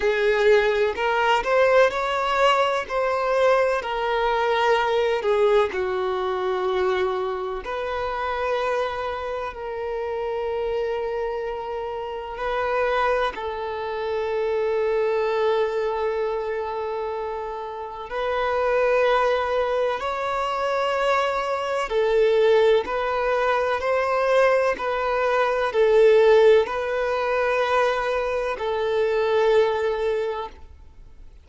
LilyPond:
\new Staff \with { instrumentName = "violin" } { \time 4/4 \tempo 4 = 63 gis'4 ais'8 c''8 cis''4 c''4 | ais'4. gis'8 fis'2 | b'2 ais'2~ | ais'4 b'4 a'2~ |
a'2. b'4~ | b'4 cis''2 a'4 | b'4 c''4 b'4 a'4 | b'2 a'2 | }